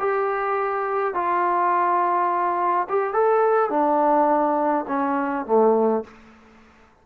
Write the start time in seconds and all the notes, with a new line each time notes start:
0.00 G4
1.15 F4
2.90 G4
3.14 A4
3.70 D4
4.88 C#4
5.46 A3